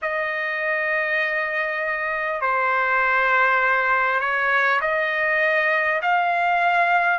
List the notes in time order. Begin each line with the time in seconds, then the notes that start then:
0.02 D#5
2.41 C5
4.19 C#5
4.81 D#5
6.02 F5